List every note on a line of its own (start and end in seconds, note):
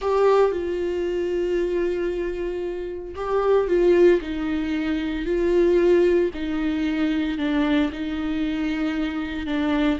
0.01 0.51 G4
0.51 3.14 F4
3.15 3.67 G4
3.67 4.20 F4
4.21 5.25 D#4
5.25 6.30 F4
6.33 7.38 D#4
7.38 7.90 D4
7.92 9.46 D#4
9.46 9.99 D4